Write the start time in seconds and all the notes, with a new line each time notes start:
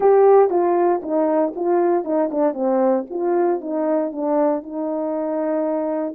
0.00 G4
0.50 F4
1.02 D#4
1.55 F4
2.04 D#4
2.31 D4
2.53 C4
3.10 F4
3.61 D#4
4.12 D4
4.62 D#4